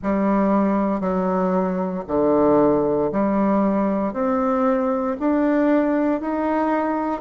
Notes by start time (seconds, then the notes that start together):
0.02 G3
1.00 F#3
2.07 D3
3.12 G3
4.13 C4
5.19 D4
6.21 D#4